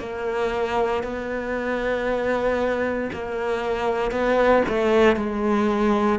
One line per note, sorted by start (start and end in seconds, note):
0.00 1.03 A#3
1.03 3.10 B3
3.13 4.11 A#3
4.11 4.63 B3
4.68 5.16 A3
5.16 6.19 G#3